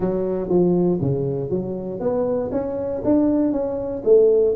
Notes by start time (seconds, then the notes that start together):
0.00 F#3
0.49 F3
1.01 C#3
1.50 F#3
2.00 B3
2.51 C#4
3.04 D4
3.52 C#4
4.04 A3